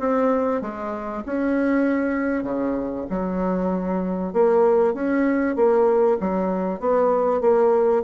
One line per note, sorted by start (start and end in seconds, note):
0.00 0.62 C4
0.62 1.24 G#3
1.26 2.44 C#4
2.44 3.06 C#3
3.10 4.34 F#3
4.34 4.94 A#3
4.94 5.56 C#4
5.56 6.18 A#3
6.21 6.80 F#3
6.80 7.41 B3
7.41 8.03 A#3